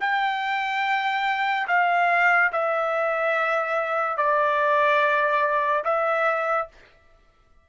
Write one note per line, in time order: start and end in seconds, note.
0.00 1.67 G5
1.67 2.51 F5
2.52 4.17 E5
4.17 5.83 D5
5.84 6.67 E5